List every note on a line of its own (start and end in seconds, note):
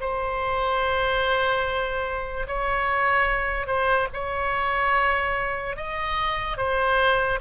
0.00 2.47 C5
2.47 3.66 C#5
3.66 4.07 C5
4.13 5.76 C#5
5.76 6.57 D#5
6.57 7.39 C5